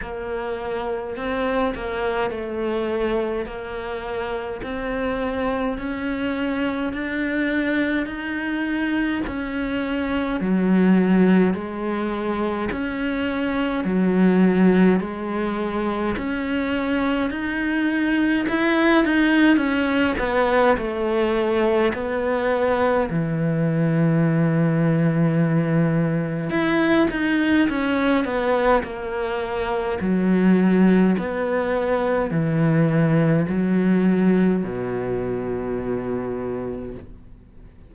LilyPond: \new Staff \with { instrumentName = "cello" } { \time 4/4 \tempo 4 = 52 ais4 c'8 ais8 a4 ais4 | c'4 cis'4 d'4 dis'4 | cis'4 fis4 gis4 cis'4 | fis4 gis4 cis'4 dis'4 |
e'8 dis'8 cis'8 b8 a4 b4 | e2. e'8 dis'8 | cis'8 b8 ais4 fis4 b4 | e4 fis4 b,2 | }